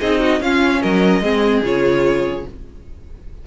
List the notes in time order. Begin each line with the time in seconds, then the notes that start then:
0.00 C4 D#4 G#4 D#5
0.20 F#4
0.40 C#4 F4 F5
0.82 F#3 A#4 D#5
1.21 G#3 C4 G#4
1.63 C#3 F4 C#5